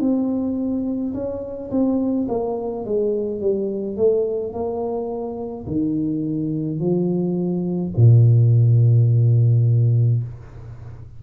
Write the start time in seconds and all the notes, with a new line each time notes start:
0.00 C4
1.14 C#4
1.70 C4
2.28 A#3
2.85 G#3
3.41 G3
3.96 A3
4.53 A#3
5.67 D#3
6.79 F3
7.96 A#2